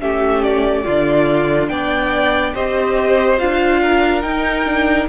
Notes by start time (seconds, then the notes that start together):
0.00 A3 C#4 G4 E5
0.42 D5
0.84 D3 D4 F4
1.68 B3 D5 G5
2.54 C4 G4 C5 D#5
3.38 D4 F4 F5
3.81 A#4
4.21 D#4 G5
4.65 D4